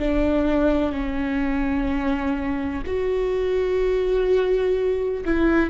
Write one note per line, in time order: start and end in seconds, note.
0.00 0.93 D4
0.93 2.83 C#4
2.87 5.25 F#4
5.26 5.70 E4